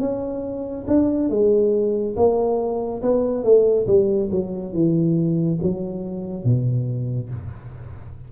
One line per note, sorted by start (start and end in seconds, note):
0.00 0.86 C#4
0.88 1.30 D4
1.30 2.15 G#3
2.16 3.02 A#3
3.03 3.44 B3
3.44 3.87 A3
3.87 4.30 G3
4.32 4.73 F#3
4.73 5.59 E3
5.62 6.44 F#3
6.44 7.30 B2